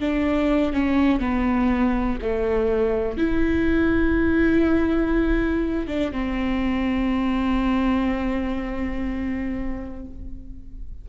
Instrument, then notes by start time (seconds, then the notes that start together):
viola
0.00 D4
0.73 C#4
1.19 B3
2.22 A3
3.17 E4
5.87 D4
6.12 C4